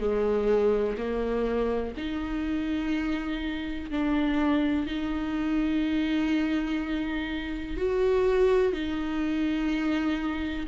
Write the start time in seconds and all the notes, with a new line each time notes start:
0.00 G#3
0.97 A#3
1.97 D#4
3.90 D4
4.87 D#4
7.77 F#4
8.73 D#4